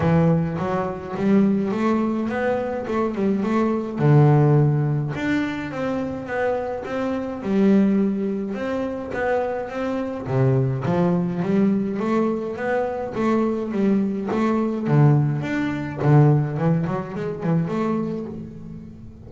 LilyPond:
\new Staff \with { instrumentName = "double bass" } { \time 4/4 \tempo 4 = 105 e4 fis4 g4 a4 | b4 a8 g8 a4 d4~ | d4 d'4 c'4 b4 | c'4 g2 c'4 |
b4 c'4 c4 f4 | g4 a4 b4 a4 | g4 a4 d4 d'4 | d4 e8 fis8 gis8 e8 a4 | }